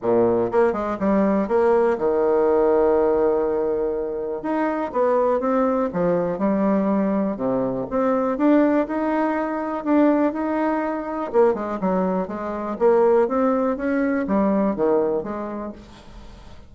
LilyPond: \new Staff \with { instrumentName = "bassoon" } { \time 4/4 \tempo 4 = 122 ais,4 ais8 gis8 g4 ais4 | dis1~ | dis4 dis'4 b4 c'4 | f4 g2 c4 |
c'4 d'4 dis'2 | d'4 dis'2 ais8 gis8 | fis4 gis4 ais4 c'4 | cis'4 g4 dis4 gis4 | }